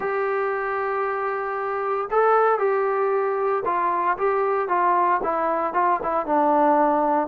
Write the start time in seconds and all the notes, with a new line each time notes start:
0.00 G4
2.10 A4
2.58 G4
3.65 F4
4.17 G4
4.68 F4
5.23 E4
5.73 F4
6.03 E4
6.26 D4